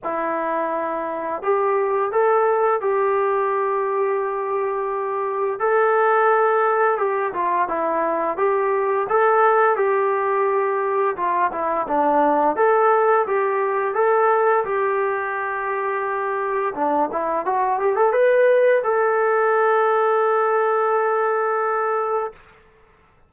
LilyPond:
\new Staff \with { instrumentName = "trombone" } { \time 4/4 \tempo 4 = 86 e'2 g'4 a'4 | g'1 | a'2 g'8 f'8 e'4 | g'4 a'4 g'2 |
f'8 e'8 d'4 a'4 g'4 | a'4 g'2. | d'8 e'8 fis'8 g'16 a'16 b'4 a'4~ | a'1 | }